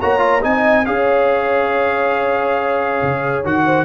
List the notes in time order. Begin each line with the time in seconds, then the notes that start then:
0.00 A#3 F#4 C#5 A#5
0.19 F4
0.42 C4 D#4 D#5 G#5
0.86 C#4 G#4 C#5 F5
3.02 C#3
3.43 D#3 F#4 F#5
3.65 C5